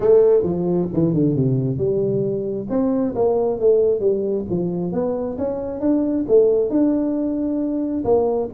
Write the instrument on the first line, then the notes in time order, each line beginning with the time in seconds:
tuba
0.00 A3
0.43 F3
0.93 E3
1.13 D3
1.35 C3
1.77 G3
2.69 C4
3.15 A#3
3.59 A3
4.00 G3
4.49 F3
4.92 B3
5.38 C#4
5.80 D4
6.27 A3
6.69 D4
8.04 A#3